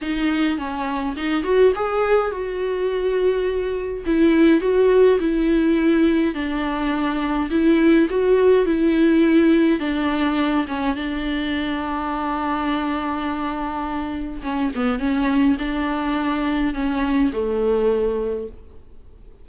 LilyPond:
\new Staff \with { instrumentName = "viola" } { \time 4/4 \tempo 4 = 104 dis'4 cis'4 dis'8 fis'8 gis'4 | fis'2. e'4 | fis'4 e'2 d'4~ | d'4 e'4 fis'4 e'4~ |
e'4 d'4. cis'8 d'4~ | d'1~ | d'4 cis'8 b8 cis'4 d'4~ | d'4 cis'4 a2 | }